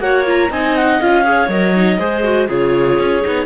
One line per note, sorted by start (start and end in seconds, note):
0.00 0.50 A#3
0.00 0.26 F#4
0.00 0.51 C#5
0.00 0.25 F#5
0.26 0.50 F4
0.26 0.52 A#5
0.50 1.00 C4
0.50 1.01 D#4
0.50 1.25 D#5
0.50 0.77 G#5
0.77 1.01 F#5
1.01 1.48 C#4
1.01 1.24 F4
1.01 1.49 F5
1.24 1.49 G#4
1.24 2.00 C#5
1.48 1.98 F#3
1.48 1.74 A#4
1.48 2.48 D#5
1.75 2.00 D#4
1.99 2.48 G#3
1.99 2.24 G#4
1.99 2.48 C5
2.24 2.48 F#4
2.48 2.99 C#3
2.48 3.22 F4
2.48 3.46 G#4
2.48 3.46 C#5
2.99 3.24 C#4
3.22 3.46 B3
3.22 3.46 D#4